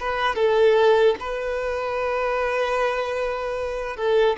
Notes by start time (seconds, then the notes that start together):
0.00 B4
0.36 A4
1.20 B4
3.97 A4